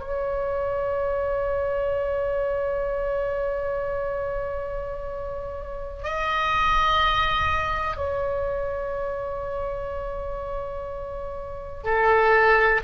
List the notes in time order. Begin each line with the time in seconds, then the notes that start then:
0.00 C#5
6.04 D#5
7.97 C#5
11.84 A4